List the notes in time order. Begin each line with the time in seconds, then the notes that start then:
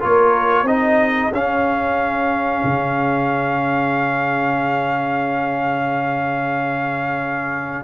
0.00 A#3 F4 A#4 C#5
0.63 C4 D#4 G#4 D#5
1.31 C#4 F5
2.64 C#3